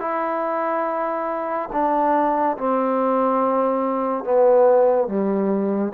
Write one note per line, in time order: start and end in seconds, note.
0.00 1.69 E4
1.73 2.57 D4
2.58 4.24 C4
4.24 5.08 B3
5.08 5.93 G3